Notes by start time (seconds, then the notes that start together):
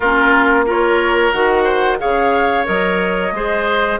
0.00 A#3 C#4 F4 A#4
0.65 F4 A#4 C#5
1.32 D#3 F#4 F#5
1.64 C5
1.98 C#3 G#4 C#5 F5
2.64 F#3 A#4 D#5
3.32 G#3 G#4 C5